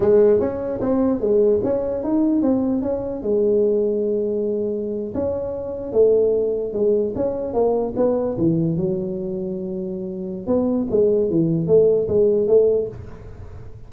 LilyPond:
\new Staff \with { instrumentName = "tuba" } { \time 4/4 \tempo 4 = 149 gis4 cis'4 c'4 gis4 | cis'4 dis'4 c'4 cis'4 | gis1~ | gis8. cis'2 a4~ a16~ |
a8. gis4 cis'4 ais4 b16~ | b8. e4 fis2~ fis16~ | fis2 b4 gis4 | e4 a4 gis4 a4 | }